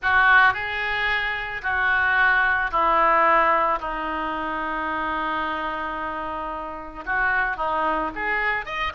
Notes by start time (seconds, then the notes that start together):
0.02 F#4
0.53 G#4
1.62 F#4
2.71 E4
3.80 D#4
7.05 F#4
7.57 D#4
8.15 G#4
8.65 D#5